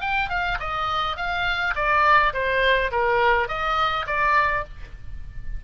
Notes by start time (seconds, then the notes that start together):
0.00 G5
0.29 F5
0.59 D#5
1.16 F5
1.75 D5
2.33 C5
2.91 A#4
3.48 D#5
4.06 D5